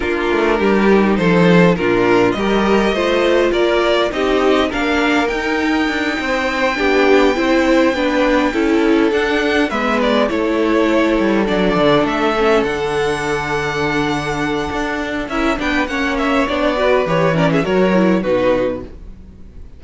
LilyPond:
<<
  \new Staff \with { instrumentName = "violin" } { \time 4/4 \tempo 4 = 102 ais'2 c''4 ais'4 | dis''2 d''4 dis''4 | f''4 g''2.~ | g''2.~ g''8 fis''8~ |
fis''8 e''8 d''8 cis''2 d''8~ | d''8 e''4 fis''2~ fis''8~ | fis''2 e''8 g''8 fis''8 e''8 | d''4 cis''8 d''16 e''16 cis''4 b'4 | }
  \new Staff \with { instrumentName = "violin" } { \time 4/4 f'4 g'4 a'4 f'4 | ais'4 c''4 ais'4 g'4 | ais'2~ ais'8 c''4 g'8~ | g'8 c''4 b'4 a'4.~ |
a'8 b'4 a'2~ a'8~ | a'1~ | a'2 ais'8 b'8 cis''4~ | cis''8 b'4 ais'16 gis'16 ais'4 fis'4 | }
  \new Staff \with { instrumentName = "viola" } { \time 4/4 d'4. dis'4. d'4 | g'4 f'2 dis'4 | d'4 dis'2~ dis'8 d'8~ | d'8 e'4 d'4 e'4 d'8~ |
d'8 b4 e'2 d'8~ | d'4 cis'8 d'2~ d'8~ | d'2 e'8 d'8 cis'4 | d'8 fis'8 g'8 cis'8 fis'8 e'8 dis'4 | }
  \new Staff \with { instrumentName = "cello" } { \time 4/4 ais8 a8 g4 f4 ais,4 | g4 a4 ais4 c'4 | ais4 dis'4 d'8 c'4 b8~ | b8 c'4 b4 cis'4 d'8~ |
d'8 gis4 a4. g8 fis8 | d8 a4 d2~ d8~ | d4 d'4 cis'8 b8 ais4 | b4 e4 fis4 b,4 | }
>>